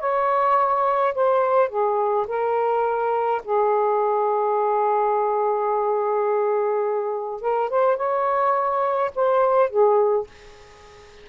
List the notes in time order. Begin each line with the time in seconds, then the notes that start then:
0.00 C#5
1.15 C5
1.69 G#4
2.28 A#4
3.45 G#4
7.42 A#4
7.70 C5
7.97 C#5
9.16 C5
9.70 G#4